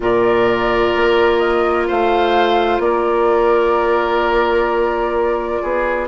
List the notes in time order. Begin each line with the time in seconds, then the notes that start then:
0.00 A#2 F4 A#4 D5
0.96 A#3
1.38 D#5
1.87 A3 C5 F5
2.79 A#3 A#4 D5
5.62 B3 G#4